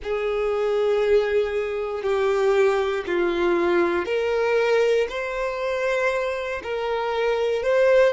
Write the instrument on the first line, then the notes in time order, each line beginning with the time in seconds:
violin
0.03 G#4
2.02 G4
3.06 F4
4.05 A#4
5.08 C5
6.63 A#4
7.63 C5